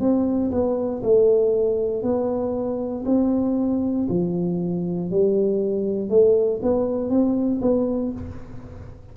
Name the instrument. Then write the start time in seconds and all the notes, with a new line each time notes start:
tuba
0.00 C4
0.51 B3
1.03 A3
2.03 B3
3.06 C4
4.10 F3
5.11 G3
6.10 A3
6.62 B3
7.10 C4
7.62 B3